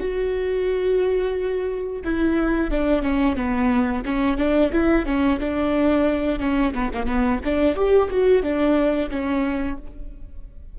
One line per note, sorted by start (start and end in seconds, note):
0.00 2.02 F#4
2.04 2.71 E4
2.71 3.02 D4
3.02 3.36 C#4
3.36 4.03 B3
4.05 4.37 C#4
4.37 4.71 D4
4.72 5.05 E4
5.05 5.39 C#4
5.39 6.39 D4
6.39 6.73 C#4
6.74 6.91 B3
6.93 7.06 A#3
7.06 7.40 B3
7.44 7.75 D4
7.75 8.09 G4
8.10 8.42 F#4
8.42 9.09 D4
9.10 9.77 C#4